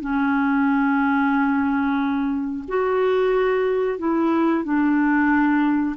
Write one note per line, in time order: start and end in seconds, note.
0.00 2.64 C#4
2.68 3.98 F#4
3.98 4.64 E4
4.64 5.96 D4